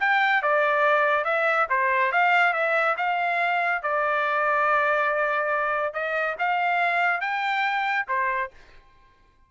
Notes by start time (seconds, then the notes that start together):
0.00 G5
0.42 D5
1.25 E5
1.70 C5
2.12 F5
2.53 E5
2.97 F5
3.82 D5
5.94 D#5
6.39 F5
7.21 G5
8.08 C5